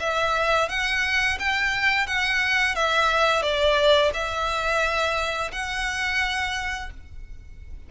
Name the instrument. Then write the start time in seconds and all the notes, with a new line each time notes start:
violin
0.00 E5
0.69 F#5
1.39 G5
2.07 F#5
2.76 E5
3.43 D5
4.14 E5
5.52 F#5